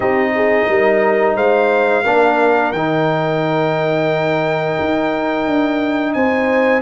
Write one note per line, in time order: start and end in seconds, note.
0.00 0.66 C4
0.00 2.04 D#4
0.00 0.31 G4
0.00 1.36 D#5
0.35 0.68 G#4
0.68 1.35 G3
0.68 1.36 A#4
1.35 2.03 G#3
1.35 2.03 C5
1.35 2.72 F5
2.03 2.72 A#3
2.03 2.74 D4
2.03 6.12 A#4
2.72 4.77 D#3
2.72 6.82 D#4
2.72 6.12 G5
4.79 5.46 D#4
5.46 6.15 D4
6.13 6.82 C4
6.13 6.82 C5
6.13 6.81 G#5